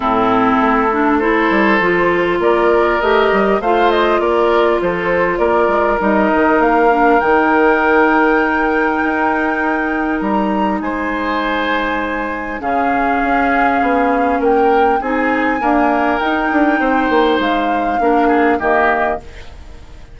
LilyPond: <<
  \new Staff \with { instrumentName = "flute" } { \time 4/4 \tempo 4 = 100 a'2 c''2 | d''4 dis''4 f''8 dis''8 d''4 | c''4 d''4 dis''4 f''4 | g''1~ |
g''4 ais''4 gis''2~ | gis''4 f''2. | g''4 gis''2 g''4~ | g''4 f''2 dis''4 | }
  \new Staff \with { instrumentName = "oboe" } { \time 4/4 e'2 a'2 | ais'2 c''4 ais'4 | a'4 ais'2.~ | ais'1~ |
ais'2 c''2~ | c''4 gis'2. | ais'4 gis'4 ais'2 | c''2 ais'8 gis'8 g'4 | }
  \new Staff \with { instrumentName = "clarinet" } { \time 4/4 c'4. d'8 e'4 f'4~ | f'4 g'4 f'2~ | f'2 dis'4. d'8 | dis'1~ |
dis'1~ | dis'4 cis'2.~ | cis'4 dis'4 ais4 dis'4~ | dis'2 d'4 ais4 | }
  \new Staff \with { instrumentName = "bassoon" } { \time 4/4 a,4 a4. g8 f4 | ais4 a8 g8 a4 ais4 | f4 ais8 gis8 g8 dis8 ais4 | dis2. dis'4~ |
dis'4 g4 gis2~ | gis4 cis4 cis'4 b4 | ais4 c'4 d'4 dis'8 d'8 | c'8 ais8 gis4 ais4 dis4 | }
>>